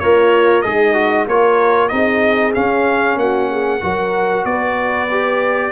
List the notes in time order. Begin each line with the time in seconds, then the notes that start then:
0.00 A#3 F4 A#4 C#5
0.62 G#3 D#4 G#4 D#5
0.94 F#4
1.27 A#3 F4 A#4 C#5
1.89 C4 D#4 G#4 D#5
2.54 C#4 F5
3.17 A#3 F#4 F#5
3.51 G#4
3.81 F#3 F#4 A#4
4.45 B3 B4 D5
5.11 G4